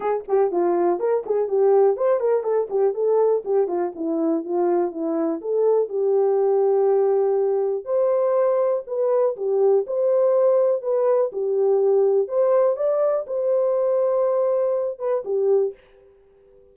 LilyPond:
\new Staff \with { instrumentName = "horn" } { \time 4/4 \tempo 4 = 122 gis'8 g'8 f'4 ais'8 gis'8 g'4 | c''8 ais'8 a'8 g'8 a'4 g'8 f'8 | e'4 f'4 e'4 a'4 | g'1 |
c''2 b'4 g'4 | c''2 b'4 g'4~ | g'4 c''4 d''4 c''4~ | c''2~ c''8 b'8 g'4 | }